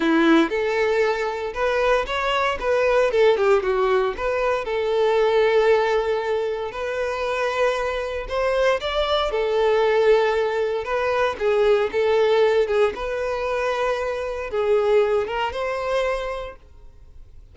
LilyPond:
\new Staff \with { instrumentName = "violin" } { \time 4/4 \tempo 4 = 116 e'4 a'2 b'4 | cis''4 b'4 a'8 g'8 fis'4 | b'4 a'2.~ | a'4 b'2. |
c''4 d''4 a'2~ | a'4 b'4 gis'4 a'4~ | a'8 gis'8 b'2. | gis'4. ais'8 c''2 | }